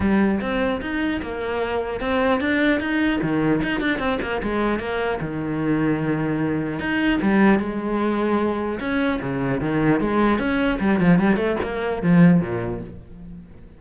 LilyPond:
\new Staff \with { instrumentName = "cello" } { \time 4/4 \tempo 4 = 150 g4 c'4 dis'4 ais4~ | ais4 c'4 d'4 dis'4 | dis4 dis'8 d'8 c'8 ais8 gis4 | ais4 dis2.~ |
dis4 dis'4 g4 gis4~ | gis2 cis'4 cis4 | dis4 gis4 cis'4 g8 f8 | g8 a8 ais4 f4 ais,4 | }